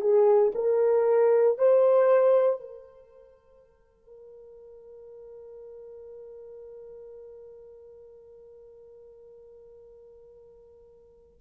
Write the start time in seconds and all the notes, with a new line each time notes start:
0.00 G#4
0.55 A#4
1.58 C5
2.60 A#4